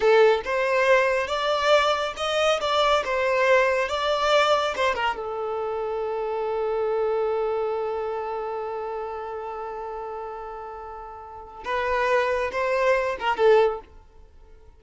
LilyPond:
\new Staff \with { instrumentName = "violin" } { \time 4/4 \tempo 4 = 139 a'4 c''2 d''4~ | d''4 dis''4 d''4 c''4~ | c''4 d''2 c''8 ais'8 | a'1~ |
a'1~ | a'1~ | a'2. b'4~ | b'4 c''4. ais'8 a'4 | }